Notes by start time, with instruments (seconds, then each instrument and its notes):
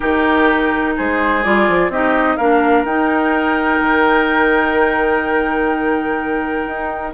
0.00 bassoon D#3, clarinet D#4, oboe G4, flute A#4
0.96 bassoon G#3, oboe G#4, flute C5
1.43 bassoon G3, clarinet F4, flute D5
1.68 bassoon F3
1.89 bassoon C4, clarinet D#4, oboe G4, flute D#5
2.36 bassoon A#3, clarinet D4, oboe A#4, flute F5
2.84 bassoon D#4, clarinet D#4, flute G5
3.80 bassoon D#3
6.66 bassoon D#4